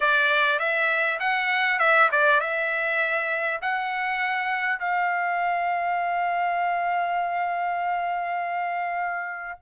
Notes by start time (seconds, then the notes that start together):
0.00 D5
0.59 E5
1.19 F#5
1.79 E5
2.11 D5
2.40 E5
3.61 F#5
4.79 F5